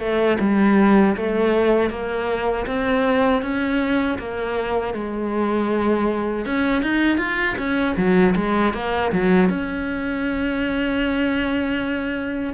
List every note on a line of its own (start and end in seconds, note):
0.00 0.38 A3
0.40 1.16 G3
1.17 1.90 A3
1.90 2.66 A#3
2.67 3.42 C4
3.42 4.18 C#4
4.18 4.94 A#3
4.94 6.46 G#3
6.46 6.83 C#4
6.83 7.18 D#4
7.18 7.56 F4
7.58 7.96 C#4
7.97 8.35 F#3
8.36 8.74 G#3
8.74 9.12 A#3
9.12 9.50 F#3
9.50 12.54 C#4